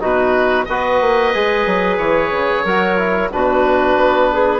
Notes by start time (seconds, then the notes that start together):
0.00 B2 D#4 F#4 B4
0.65 B3 F#4 B4 D#5
1.01 A#3
1.34 G#3 G#4
1.66 F#3
1.97 E3 C#5
2.31 C#3
2.64 F#3 F#4 A#4
2.98 E4
3.32 B2 D4 F#4 B4
3.95 B3
4.32 G#4